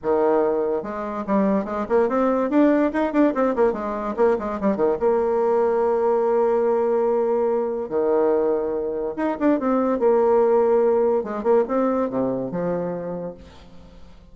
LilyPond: \new Staff \with { instrumentName = "bassoon" } { \time 4/4 \tempo 4 = 144 dis2 gis4 g4 | gis8 ais8 c'4 d'4 dis'8 d'8 | c'8 ais8 gis4 ais8 gis8 g8 dis8 | ais1~ |
ais2. dis4~ | dis2 dis'8 d'8 c'4 | ais2. gis8 ais8 | c'4 c4 f2 | }